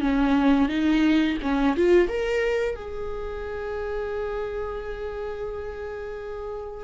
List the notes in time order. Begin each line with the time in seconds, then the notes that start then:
0.00 C#4
0.68 D#4
1.42 C#4
1.76 F4
2.08 A#4
2.75 G#4